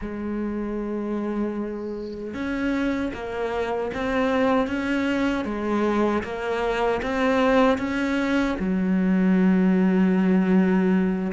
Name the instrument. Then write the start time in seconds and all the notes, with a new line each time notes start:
cello
0.01 G#3
2.34 C#4
3.13 A#3
3.94 C4
4.67 C#4
5.44 G#3
6.23 A#3
7.02 C4
7.78 C#4
8.59 F#3